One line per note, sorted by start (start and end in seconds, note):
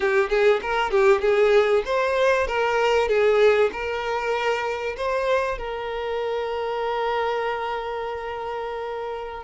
0.00 0.29 G4
0.29 0.60 G#4
0.62 0.90 A#4
0.90 1.21 G4
1.21 1.83 G#4
1.85 2.47 C5
2.47 3.08 A#4
3.08 3.70 G#4
3.72 4.96 A#4
4.97 5.58 C5
5.58 9.44 A#4